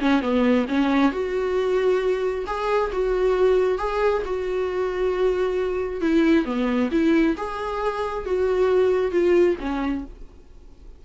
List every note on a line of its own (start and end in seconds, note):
0.00 0.22 C#4
0.22 0.66 B3
0.68 1.12 C#4
1.12 2.45 F#4
2.47 2.91 G#4
2.93 3.78 F#4
3.78 4.23 G#4
4.25 6.01 F#4
6.01 6.45 E4
6.45 6.89 B3
6.92 7.36 E4
7.37 8.26 G#4
8.26 9.12 F#4
9.12 9.56 F4
9.60 10.05 C#4